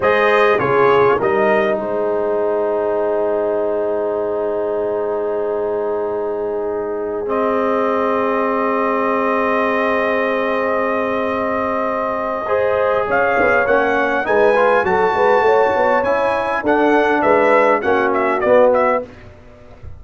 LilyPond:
<<
  \new Staff \with { instrumentName = "trumpet" } { \time 4/4 \tempo 4 = 101 dis''4 cis''4 dis''4 c''4~ | c''1~ | c''1~ | c''16 dis''2.~ dis''8.~ |
dis''1~ | dis''2 f''4 fis''4 | gis''4 a''2 gis''4 | fis''4 e''4 fis''8 e''8 d''8 e''8 | }
  \new Staff \with { instrumentName = "horn" } { \time 4/4 c''4 gis'4 ais'4 gis'4~ | gis'1~ | gis'1~ | gis'1~ |
gis'1~ | gis'4 c''4 cis''2 | b'4 a'8 b'8 cis''2 | a'4 b'4 fis'2 | }
  \new Staff \with { instrumentName = "trombone" } { \time 4/4 gis'4 f'4 dis'2~ | dis'1~ | dis'1~ | dis'16 c'2.~ c'8.~ |
c'1~ | c'4 gis'2 cis'4 | dis'8 f'8 fis'2 e'4 | d'2 cis'4 b4 | }
  \new Staff \with { instrumentName = "tuba" } { \time 4/4 gis4 cis4 g4 gis4~ | gis1~ | gis1~ | gis1~ |
gis1~ | gis2 cis'8 b8 ais4 | gis4 fis8 gis8 a8 b8 cis'4 | d'4 gis4 ais4 b4 | }
>>